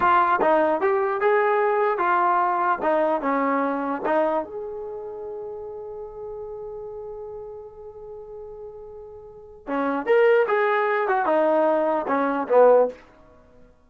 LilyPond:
\new Staff \with { instrumentName = "trombone" } { \time 4/4 \tempo 4 = 149 f'4 dis'4 g'4 gis'4~ | gis'4 f'2 dis'4 | cis'2 dis'4 gis'4~ | gis'1~ |
gis'1~ | gis'1 | cis'4 ais'4 gis'4. fis'8 | dis'2 cis'4 b4 | }